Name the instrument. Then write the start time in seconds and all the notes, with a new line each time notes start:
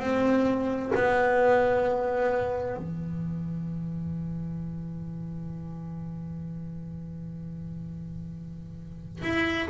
double bass
0.00 C4
0.95 B3
2.77 E3
9.23 E4